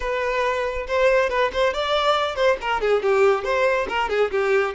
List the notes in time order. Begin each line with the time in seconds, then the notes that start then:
0.00 B4
0.87 C5
1.29 B4
1.52 C5
1.73 D5
2.35 C5
2.61 A#4
2.80 G#4
3.02 G4
3.44 C5
3.88 A#4
4.09 G#4
4.31 G4